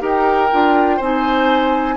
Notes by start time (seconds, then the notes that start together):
0.00 D#4 G4 A#4 G5
0.52 D4 F4
0.97 C4 D#4 C5 G#5